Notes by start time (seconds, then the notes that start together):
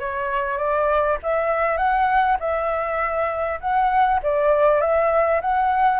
0.00 C#5
0.58 D5
1.23 E5
1.78 F#5
2.39 E5
3.61 F#5
4.23 D5
4.81 E5
5.41 F#5